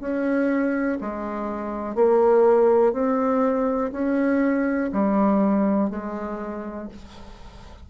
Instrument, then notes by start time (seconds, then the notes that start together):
bassoon
0.00 C#4
1.01 G#3
1.95 A#3
2.93 C4
3.92 C#4
4.92 G3
5.90 G#3